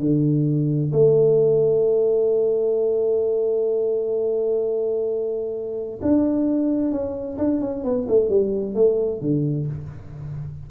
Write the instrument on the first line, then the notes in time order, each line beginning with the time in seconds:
tuba
0.00 D3
0.93 A3
6.02 D4
6.92 C#4
7.38 D4
7.61 C#4
7.84 B3
8.09 A3
8.30 G3
8.75 A3
9.21 D3